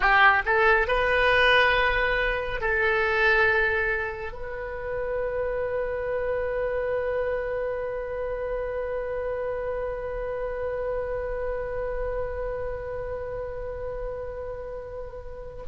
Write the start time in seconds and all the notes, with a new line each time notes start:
0.00 G4
0.45 A4
0.87 B4
2.60 A4
4.32 B4